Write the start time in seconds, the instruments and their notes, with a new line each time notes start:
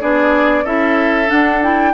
0.00 bassoon B3, clarinet D4, oboe G#4, flute D5
0.64 bassoon C#4, clarinet E4, oboe A4, flute E5
1.27 clarinet D4, bassoon D4, flute F#5
1.62 clarinet E4, flute G5